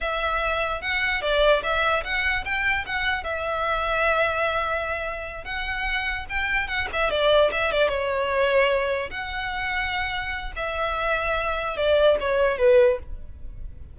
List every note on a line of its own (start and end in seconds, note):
0.00 0.81 E5
0.81 1.21 F#5
1.21 1.62 D5
1.63 2.03 E5
2.04 2.44 F#5
2.44 2.85 G5
2.86 3.23 F#5
3.23 5.44 E5
5.44 6.25 F#5
6.29 6.67 G5
6.67 6.88 F#5
6.92 7.10 E5
7.10 7.50 D5
7.51 7.71 E5
7.71 7.88 D5
7.88 9.10 C#5
9.10 10.52 F#5
10.56 11.76 E5
11.76 12.17 D5
12.20 12.58 C#5
12.58 12.98 B4